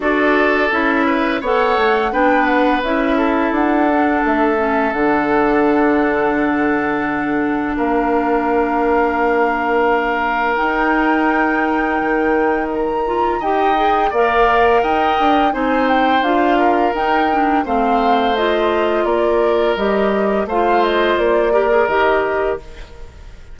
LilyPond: <<
  \new Staff \with { instrumentName = "flute" } { \time 4/4 \tempo 4 = 85 d''4 e''4 fis''4 g''8 fis''8 | e''4 fis''4 e''4 fis''4~ | fis''2. f''4~ | f''2. g''4~ |
g''2 ais''4 g''4 | f''4 g''4 gis''8 g''8 f''4 | g''4 f''4 dis''4 d''4 | dis''4 f''8 dis''8 d''4 dis''4 | }
  \new Staff \with { instrumentName = "oboe" } { \time 4/4 a'4. b'8 cis''4 b'4~ | b'8 a'2.~ a'8~ | a'2. ais'4~ | ais'1~ |
ais'2. dis''4 | d''4 dis''4 c''4. ais'8~ | ais'4 c''2 ais'4~ | ais'4 c''4. ais'4. | }
  \new Staff \with { instrumentName = "clarinet" } { \time 4/4 fis'4 e'4 a'4 d'4 | e'4. d'4 cis'8 d'4~ | d'1~ | d'2. dis'4~ |
dis'2~ dis'8 f'8 g'8 gis'8 | ais'2 dis'4 f'4 | dis'8 d'8 c'4 f'2 | g'4 f'4. g'16 gis'16 g'4 | }
  \new Staff \with { instrumentName = "bassoon" } { \time 4/4 d'4 cis'4 b8 a8 b4 | cis'4 d'4 a4 d4~ | d2. ais4~ | ais2. dis'4~ |
dis'4 dis2 dis'4 | ais4 dis'8 d'8 c'4 d'4 | dis'4 a2 ais4 | g4 a4 ais4 dis4 | }
>>